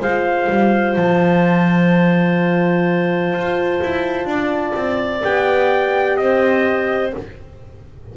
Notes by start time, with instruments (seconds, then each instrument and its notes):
0.00 double bass G#3, horn F4, clarinet C5, trumpet F5
0.49 double bass G3
0.96 double bass F3, trumpet A5
3.33 double bass F4
3.82 double bass E4
4.25 double bass D4, clarinet D5
4.75 double bass C4
5.22 double bass B3, horn G4, trumpet G5
6.17 double bass C4, clarinet C5, trumpet D#5